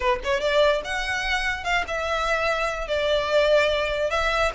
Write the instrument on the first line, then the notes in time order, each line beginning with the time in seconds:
violin
0.00 B4
0.24 C#5
0.40 D5
0.84 F#5
1.63 F5
1.87 E5
2.87 D5
4.10 E5